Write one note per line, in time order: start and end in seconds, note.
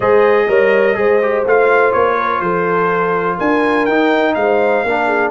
0.00 0.47 G#3
0.00 0.48 G#4
0.00 0.47 C5
0.00 1.44 D#5
0.48 0.96 G3
0.48 0.94 A#4
0.48 0.97 C#5
0.94 1.45 G#3
0.94 1.19 G#4
0.94 2.17 C5
1.22 1.46 G4
1.45 1.94 A3
1.45 3.89 F4
1.45 1.92 F5
1.92 2.40 A#3
1.92 2.40 C#5
2.17 2.41 A#4
2.40 3.37 F3
2.40 3.36 A4
2.40 3.37 C5
3.36 3.88 D4
3.36 4.33 A#4
3.36 3.85 G#5
3.85 4.36 D#4
3.85 4.86 D#4
3.85 4.34 G5
4.34 4.84 G#3
4.34 4.86 C5
4.34 5.30 F5
4.84 5.30 A#3
4.84 5.30 D4
4.84 5.06 A#4
5.06 5.30 G#4